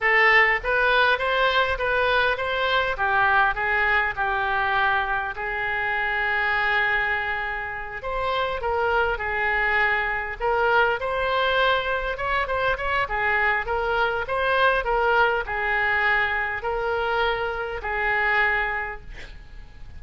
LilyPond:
\new Staff \with { instrumentName = "oboe" } { \time 4/4 \tempo 4 = 101 a'4 b'4 c''4 b'4 | c''4 g'4 gis'4 g'4~ | g'4 gis'2.~ | gis'4. c''4 ais'4 gis'8~ |
gis'4. ais'4 c''4.~ | c''8 cis''8 c''8 cis''8 gis'4 ais'4 | c''4 ais'4 gis'2 | ais'2 gis'2 | }